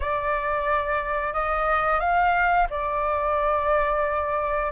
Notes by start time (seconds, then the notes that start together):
0.00 D5
1.33 D#5
2.00 F5
2.70 D5